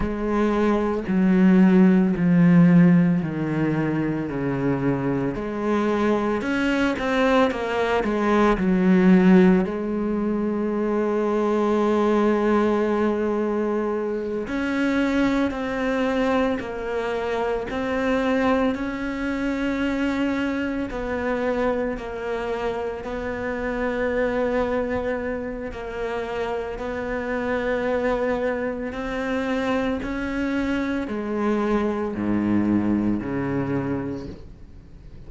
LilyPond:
\new Staff \with { instrumentName = "cello" } { \time 4/4 \tempo 4 = 56 gis4 fis4 f4 dis4 | cis4 gis4 cis'8 c'8 ais8 gis8 | fis4 gis2.~ | gis4. cis'4 c'4 ais8~ |
ais8 c'4 cis'2 b8~ | b8 ais4 b2~ b8 | ais4 b2 c'4 | cis'4 gis4 gis,4 cis4 | }